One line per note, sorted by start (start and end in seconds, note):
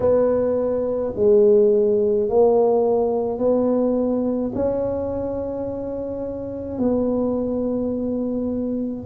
0.00 1.13 B3
1.16 2.29 G#3
2.29 3.38 A#3
3.38 4.51 B3
4.54 6.78 C#4
6.78 9.05 B3